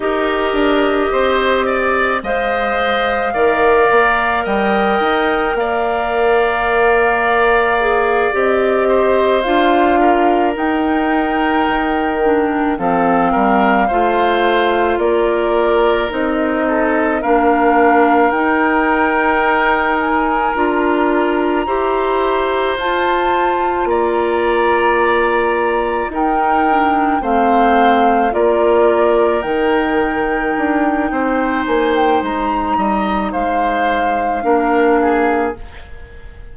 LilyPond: <<
  \new Staff \with { instrumentName = "flute" } { \time 4/4 \tempo 4 = 54 dis''2 f''2 | g''4 f''2~ f''8 dis''8~ | dis''8 f''4 g''2 f''8~ | f''4. d''4 dis''4 f''8~ |
f''8 g''4. gis''8 ais''4.~ | ais''8 a''4 ais''2 g''8~ | g''8 f''4 d''4 g''4.~ | g''8 gis''16 g''16 ais''4 f''2 | }
  \new Staff \with { instrumentName = "oboe" } { \time 4/4 ais'4 c''8 d''8 dis''4 d''4 | dis''4 d''2. | c''4 ais'2~ ais'8 a'8 | ais'8 c''4 ais'4. a'8 ais'8~ |
ais'2.~ ais'8 c''8~ | c''4. d''2 ais'8~ | ais'8 c''4 ais'2~ ais'8 | c''4. dis''8 c''4 ais'8 gis'8 | }
  \new Staff \with { instrumentName = "clarinet" } { \time 4/4 g'2 c''4 ais'4~ | ais'2. gis'8 g'8~ | g'8 f'4 dis'4. d'8 c'8~ | c'8 f'2 dis'4 d'8~ |
d'8 dis'2 f'4 g'8~ | g'8 f'2. dis'8 | d'8 c'4 f'4 dis'4.~ | dis'2. d'4 | }
  \new Staff \with { instrumentName = "bassoon" } { \time 4/4 dis'8 d'8 c'4 gis4 dis8 ais8 | g8 dis'8 ais2~ ais8 c'8~ | c'8 d'4 dis'4 dis4 f8 | g8 a4 ais4 c'4 ais8~ |
ais8 dis'2 d'4 e'8~ | e'8 f'4 ais2 dis'8~ | dis'8 a4 ais4 dis4 d'8 | c'8 ais8 gis8 g8 gis4 ais4 | }
>>